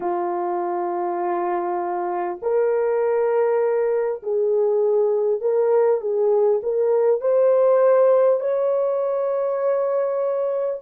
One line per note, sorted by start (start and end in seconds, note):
0.00 2.39 F4
2.42 4.22 A#4
4.23 5.40 G#4
5.40 6.00 A#4
6.01 6.61 G#4
6.63 7.21 A#4
7.21 8.40 C5
8.40 10.80 C#5